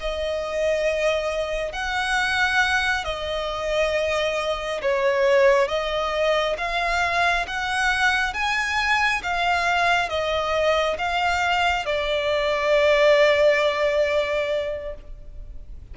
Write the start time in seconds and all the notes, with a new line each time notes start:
0.00 D#5
1.72 F#5
3.04 D#5
4.81 C#5
5.68 D#5
6.57 F5
7.47 F#5
8.33 G#5
9.22 F5
10.09 D#5
10.98 F5
11.85 D5